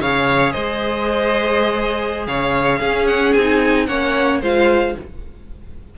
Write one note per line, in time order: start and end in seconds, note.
0.00 0.54 C#3
0.00 2.85 G#4
0.00 0.53 C#5
0.00 0.52 F5
0.52 2.27 G#3
0.52 2.27 C5
0.52 2.26 D#5
2.27 2.80 C#3
2.27 2.79 C#5
2.27 3.06 F5
2.79 3.34 C#4
2.79 3.86 G#4
2.86 3.39 C#4
3.06 3.33 F#5
3.33 3.88 C4
3.33 3.88 D#4
3.33 3.86 G#5
3.86 4.42 A#3
3.86 4.41 C#4
3.86 4.41 C#5
3.86 4.40 F#5
4.42 4.95 G#3
4.42 4.97 F4
4.42 4.95 C5
4.42 4.97 F5